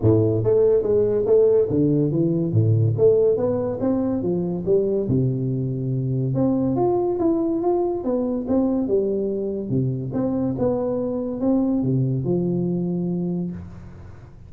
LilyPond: \new Staff \with { instrumentName = "tuba" } { \time 4/4 \tempo 4 = 142 a,4 a4 gis4 a4 | d4 e4 a,4 a4 | b4 c'4 f4 g4 | c2. c'4 |
f'4 e'4 f'4 b4 | c'4 g2 c4 | c'4 b2 c'4 | c4 f2. | }